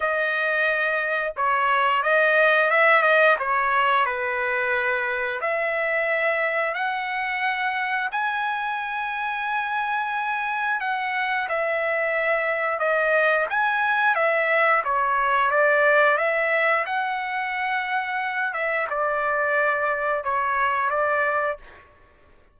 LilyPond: \new Staff \with { instrumentName = "trumpet" } { \time 4/4 \tempo 4 = 89 dis''2 cis''4 dis''4 | e''8 dis''8 cis''4 b'2 | e''2 fis''2 | gis''1 |
fis''4 e''2 dis''4 | gis''4 e''4 cis''4 d''4 | e''4 fis''2~ fis''8 e''8 | d''2 cis''4 d''4 | }